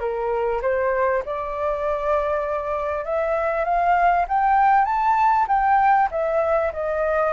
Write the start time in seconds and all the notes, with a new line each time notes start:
0.00 A#4
0.62 C5
1.26 D5
3.05 E5
3.65 F5
4.28 G5
4.85 A5
5.48 G5
6.11 E5
6.73 D#5